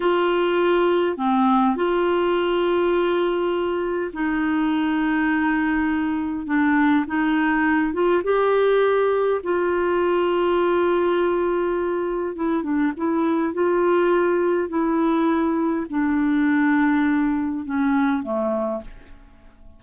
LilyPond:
\new Staff \with { instrumentName = "clarinet" } { \time 4/4 \tempo 4 = 102 f'2 c'4 f'4~ | f'2. dis'4~ | dis'2. d'4 | dis'4. f'8 g'2 |
f'1~ | f'4 e'8 d'8 e'4 f'4~ | f'4 e'2 d'4~ | d'2 cis'4 a4 | }